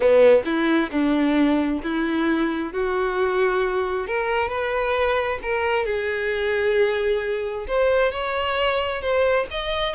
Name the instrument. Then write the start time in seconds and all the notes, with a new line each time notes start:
violin
0.00 B3
0.45 E4
0.91 D4
1.83 E4
2.72 F#4
4.07 A#4
4.48 B4
5.42 A#4
5.85 G#4
7.67 C5
8.11 C#5
9.01 C5
9.50 D#5